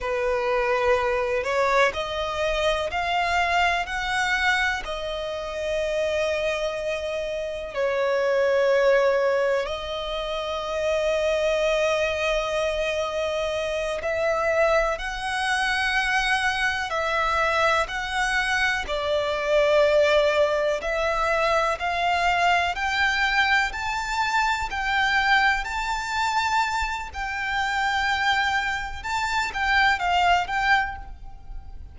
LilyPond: \new Staff \with { instrumentName = "violin" } { \time 4/4 \tempo 4 = 62 b'4. cis''8 dis''4 f''4 | fis''4 dis''2. | cis''2 dis''2~ | dis''2~ dis''8 e''4 fis''8~ |
fis''4. e''4 fis''4 d''8~ | d''4. e''4 f''4 g''8~ | g''8 a''4 g''4 a''4. | g''2 a''8 g''8 f''8 g''8 | }